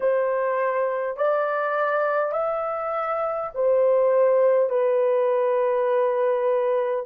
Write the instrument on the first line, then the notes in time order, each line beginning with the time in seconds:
horn
0.00 C5
1.17 D5
2.32 E5
3.54 C5
4.69 B4